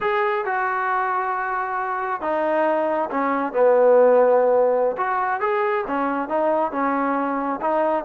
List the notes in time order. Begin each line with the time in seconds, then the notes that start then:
0.01 G#4
0.45 F#4
2.21 D#4
3.10 C#4
3.53 B3
4.97 F#4
5.40 G#4
5.87 C#4
6.29 D#4
6.71 C#4
7.61 D#4